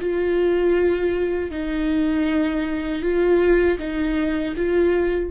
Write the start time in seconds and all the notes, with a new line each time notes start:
0.00 F4
1.51 D#4
3.02 F4
3.79 D#4
4.56 F4